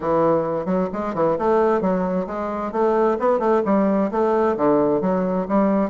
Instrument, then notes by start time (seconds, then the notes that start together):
bassoon
0.00 E3
0.65 F#3
0.92 G#3
1.14 E3
1.38 A3
1.81 F#3
2.26 G#3
2.71 A3
3.19 B3
3.39 A3
3.65 G3
4.11 A3
4.56 D3
5.01 F#3
5.48 G3